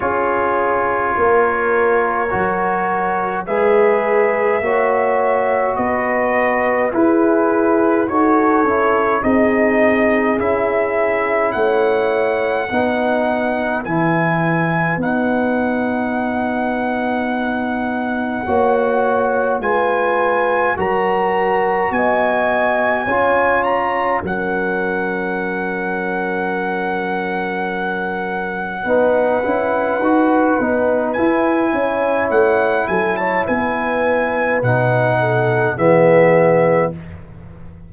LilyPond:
<<
  \new Staff \with { instrumentName = "trumpet" } { \time 4/4 \tempo 4 = 52 cis''2. e''4~ | e''4 dis''4 b'4 cis''4 | dis''4 e''4 fis''2 | gis''4 fis''2.~ |
fis''4 gis''4 ais''4 gis''4~ | gis''8 ais''8 fis''2.~ | fis''2. gis''4 | fis''8 gis''16 a''16 gis''4 fis''4 e''4 | }
  \new Staff \with { instrumentName = "horn" } { \time 4/4 gis'4 ais'2 b'4 | cis''4 b'4 gis'4 a'4 | gis'2 cis''4 b'4~ | b'1 |
cis''4 b'4 ais'4 dis''4 | cis''4 ais'2.~ | ais'4 b'2~ b'8 cis''8~ | cis''8 a'16 cis''16 b'4. a'8 gis'4 | }
  \new Staff \with { instrumentName = "trombone" } { \time 4/4 f'2 fis'4 gis'4 | fis'2 e'4 fis'8 e'8 | dis'4 e'2 dis'4 | e'4 dis'2. |
fis'4 f'4 fis'2 | f'4 cis'2.~ | cis'4 dis'8 e'8 fis'8 dis'8 e'4~ | e'2 dis'4 b4 | }
  \new Staff \with { instrumentName = "tuba" } { \time 4/4 cis'4 ais4 fis4 gis4 | ais4 b4 e'4 dis'8 cis'8 | c'4 cis'4 a4 b4 | e4 b2. |
ais4 gis4 fis4 b4 | cis'4 fis2.~ | fis4 b8 cis'8 dis'8 b8 e'8 cis'8 | a8 fis8 b4 b,4 e4 | }
>>